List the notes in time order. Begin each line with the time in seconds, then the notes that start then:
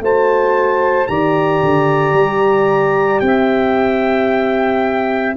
0.00 A3 F#4 C5 A5
1.07 D#3 G4 D5 A#5
1.63 D3
2.13 G3
3.20 C4 G5
3.26 E5